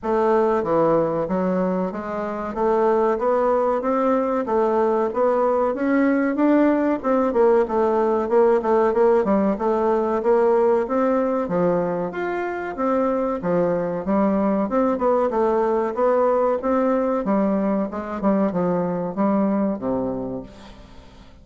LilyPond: \new Staff \with { instrumentName = "bassoon" } { \time 4/4 \tempo 4 = 94 a4 e4 fis4 gis4 | a4 b4 c'4 a4 | b4 cis'4 d'4 c'8 ais8 | a4 ais8 a8 ais8 g8 a4 |
ais4 c'4 f4 f'4 | c'4 f4 g4 c'8 b8 | a4 b4 c'4 g4 | gis8 g8 f4 g4 c4 | }